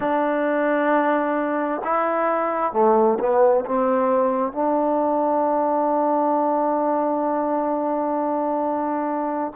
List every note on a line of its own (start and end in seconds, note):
0.00 1.81 D4
1.84 2.72 E4
2.72 3.18 A3
3.19 3.64 B3
3.65 4.52 C4
4.52 9.52 D4